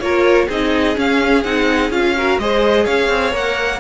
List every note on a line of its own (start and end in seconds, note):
0.00 0.48 A#3
0.00 0.49 F4
0.00 0.47 A#4
0.00 0.48 C#5
0.47 0.97 C4
0.47 0.96 D#4
0.47 2.14 G#4
0.47 0.98 D#5
0.96 1.43 C#4
0.96 1.45 C#4
0.96 1.43 F5
1.43 1.90 C4
1.43 1.92 D#4
1.43 1.91 F#5
1.90 2.38 C#4
1.90 2.15 F4
1.90 2.39 F5
2.17 2.41 F#4
2.17 2.41 A#4
2.38 2.86 G#3
2.38 3.33 G#4
2.38 2.85 C5
2.38 2.86 D#5
2.85 3.09 C#4
2.85 3.80 C#5
2.85 3.34 F5
3.09 3.33 C4
3.33 3.80 A#3
3.33 3.80 A#4
3.33 3.80 F#5